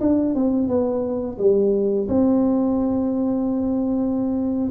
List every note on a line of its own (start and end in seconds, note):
0.00 0.35 D4
0.35 0.68 C4
0.68 1.38 B3
1.38 2.08 G3
2.09 4.70 C4